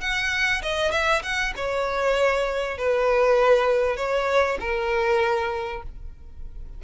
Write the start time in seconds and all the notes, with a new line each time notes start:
0.00 F#5
0.62 D#5
0.91 E5
1.22 F#5
1.56 C#5
2.77 B4
3.96 C#5
4.60 A#4